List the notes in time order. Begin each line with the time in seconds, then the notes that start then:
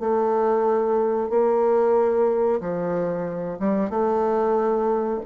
0.00 A3
1.30 A#3
2.60 F3
3.59 G3
3.90 A3